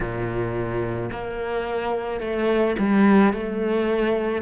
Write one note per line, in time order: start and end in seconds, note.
0.00 1.10 A#2
1.11 2.20 A#3
2.20 2.76 A3
2.78 3.33 G3
3.33 4.41 A3